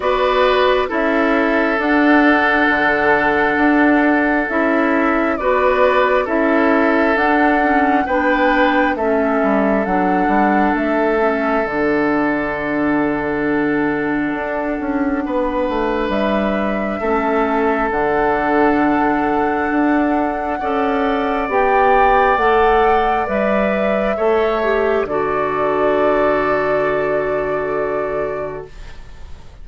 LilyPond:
<<
  \new Staff \with { instrumentName = "flute" } { \time 4/4 \tempo 4 = 67 d''4 e''4 fis''2~ | fis''4 e''4 d''4 e''4 | fis''4 g''4 e''4 fis''4 | e''4 fis''2.~ |
fis''2 e''2 | fis''1 | g''4 fis''4 e''2 | d''1 | }
  \new Staff \with { instrumentName = "oboe" } { \time 4/4 b'4 a'2.~ | a'2 b'4 a'4~ | a'4 b'4 a'2~ | a'1~ |
a'4 b'2 a'4~ | a'2. d''4~ | d''2. cis''4 | a'1 | }
  \new Staff \with { instrumentName = "clarinet" } { \time 4/4 fis'4 e'4 d'2~ | d'4 e'4 fis'4 e'4 | d'8 cis'8 d'4 cis'4 d'4~ | d'8 cis'8 d'2.~ |
d'2. cis'4 | d'2. a'4 | g'4 a'4 b'4 a'8 g'8 | fis'1 | }
  \new Staff \with { instrumentName = "bassoon" } { \time 4/4 b4 cis'4 d'4 d4 | d'4 cis'4 b4 cis'4 | d'4 b4 a8 g8 fis8 g8 | a4 d2. |
d'8 cis'8 b8 a8 g4 a4 | d2 d'4 cis'4 | b4 a4 g4 a4 | d1 | }
>>